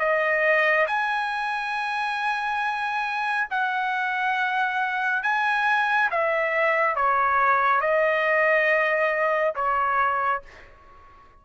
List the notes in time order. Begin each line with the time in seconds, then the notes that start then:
0.00 D#5
0.88 G#5
3.51 F#5
5.23 G#5
6.11 E5
6.96 C#5
7.81 D#5
9.56 C#5